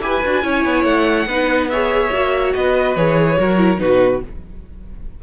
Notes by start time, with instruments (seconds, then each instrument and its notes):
0.00 cello E4, viola G4, violin B4 G#5
0.24 cello D4, viola F#4
0.42 cello C#4, viola E4, violin C#5
0.65 cello B3
0.84 cello A3, violin F#5
1.26 cello B3, viola D#4, violin B4
1.69 viola G#4, violin C#5 E5
2.12 cello A#3, viola F#4
2.54 cello B3, violin B4 D#5
2.96 cello E3, viola G#4, violin C#5
3.37 cello F#3, viola F#4, violin A#4
3.58 viola E4
3.77 cello B2, viola D#4, violin F#4 B4